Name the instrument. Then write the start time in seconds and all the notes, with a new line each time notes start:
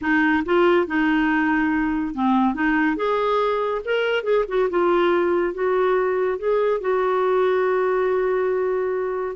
clarinet
0.01 D#4
0.45 F4
0.86 D#4
2.14 C4
2.54 D#4
2.96 G#4
3.84 A#4
4.23 G#4
4.48 F#4
4.69 F4
5.54 F#4
6.38 G#4
6.81 F#4